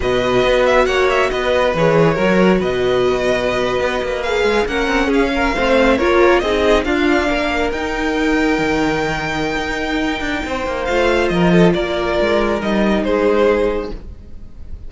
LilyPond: <<
  \new Staff \with { instrumentName = "violin" } { \time 4/4 \tempo 4 = 138 dis''4. e''8 fis''8 e''8 dis''4 | cis''2 dis''2~ | dis''4.~ dis''16 f''4 fis''4 f''16~ | f''4.~ f''16 cis''4 dis''4 f''16~ |
f''4.~ f''16 g''2~ g''16~ | g''1~ | g''4 f''4 dis''4 d''4~ | d''4 dis''4 c''2 | }
  \new Staff \with { instrumentName = "violin" } { \time 4/4 b'2 cis''4 b'4~ | b'4 ais'4 b'2~ | b'2~ b'8. ais'4 gis'16~ | gis'16 ais'8 c''4 ais'4 gis'4 f'16~ |
f'8. ais'2.~ ais'16~ | ais'1 | c''2 ais'8 a'8 ais'4~ | ais'2 gis'2 | }
  \new Staff \with { instrumentName = "viola" } { \time 4/4 fis'1 | gis'4 fis'2.~ | fis'4.~ fis'16 gis'4 cis'4~ cis'16~ | cis'8. c'4 f'4 dis'4 d'16~ |
d'4.~ d'16 dis'2~ dis'16~ | dis'1~ | dis'4 f'2.~ | f'4 dis'2. | }
  \new Staff \with { instrumentName = "cello" } { \time 4/4 b,4 b4 ais4 b4 | e4 fis4 b,2~ | b,8. b8 ais4 gis8 ais8 c'8 cis'16~ | cis'8. a4 ais4 c'4 d'16~ |
d'8. ais4 dis'2 dis16~ | dis2 dis'4. d'8 | c'8 ais8 a4 f4 ais4 | gis4 g4 gis2 | }
>>